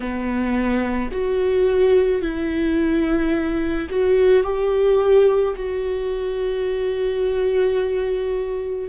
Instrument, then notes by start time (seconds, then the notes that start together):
viola
0.00 B3
1.11 F#4
2.21 E4
3.89 F#4
4.43 G4
5.56 F#4